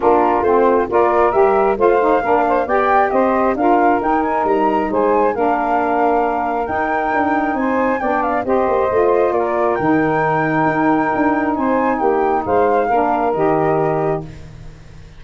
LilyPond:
<<
  \new Staff \with { instrumentName = "flute" } { \time 4/4 \tempo 4 = 135 ais'4 c''4 d''4 e''4 | f''2 g''4 dis''4 | f''4 g''8 gis''8 ais''4 gis''4 | f''2. g''4~ |
g''4 gis''4 g''8 f''8 dis''4~ | dis''4 d''4 g''2~ | g''2 gis''4 g''4 | f''2 dis''2 | }
  \new Staff \with { instrumentName = "saxophone" } { \time 4/4 f'2 ais'2 | c''4 ais'8 c''8 d''4 c''4 | ais'2. c''4 | ais'1~ |
ais'4 c''4 d''4 c''4~ | c''4 ais'2.~ | ais'2 c''4 g'4 | c''4 ais'2. | }
  \new Staff \with { instrumentName = "saxophone" } { \time 4/4 d'4 c'4 f'4 g'4 | f'8 dis'8 d'4 g'2 | f'4 dis'2. | d'2. dis'4~ |
dis'2 d'4 g'4 | f'2 dis'2~ | dis'1~ | dis'4 d'4 g'2 | }
  \new Staff \with { instrumentName = "tuba" } { \time 4/4 ais4 a4 ais4 g4 | a4 ais4 b4 c'4 | d'4 dis'4 g4 gis4 | ais2. dis'4 |
d'4 c'4 b4 c'8 ais8 | a4 ais4 dis2 | dis'4 d'4 c'4 ais4 | gis4 ais4 dis2 | }
>>